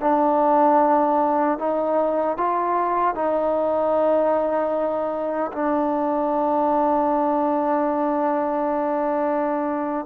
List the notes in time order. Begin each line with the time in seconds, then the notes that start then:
0.00 D4
1.58 D#4
2.36 F4
3.14 D#4
5.52 D4